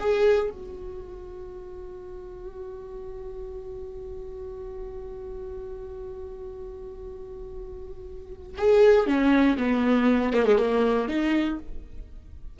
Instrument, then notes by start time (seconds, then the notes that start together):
viola
0.00 G#4
0.51 F#4
8.58 G#4
9.07 C#4
9.58 B3
10.34 A#3
10.46 G#3
10.58 A#3
11.09 D#4